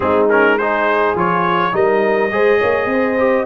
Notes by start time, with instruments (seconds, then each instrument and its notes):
0.00 tuba G#3, trombone C4, horn D#4, trumpet G#4
0.29 trombone C#4, trumpet A#4
0.57 trombone D#4, horn G#4, trumpet C5
1.14 tuba F3, trombone F4, trumpet C#5
1.72 tuba G3, trombone D#4, horn A#4, trumpet D#5
2.31 tuba G#3, trombone G#4, horn C5
2.59 tuba A#3, horn C#5
2.85 tuba C4, horn C5
3.18 trombone G4